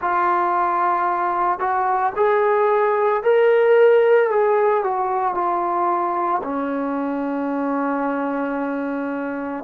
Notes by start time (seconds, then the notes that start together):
0.00 F4
1.59 F#4
2.16 G#4
3.23 A#4
4.30 G#4
4.83 F#4
5.34 F4
6.43 C#4